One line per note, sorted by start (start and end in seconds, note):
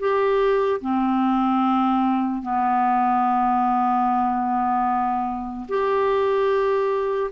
0.00 0.81 G4
0.81 2.43 C4
2.43 5.67 B3
5.69 7.31 G4